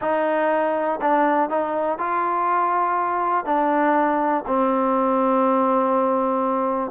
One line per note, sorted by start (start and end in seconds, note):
0.01 1.00 D#4
1.01 1.49 D4
1.49 1.98 D#4
1.98 3.45 F4
3.45 4.44 D4
4.47 6.91 C4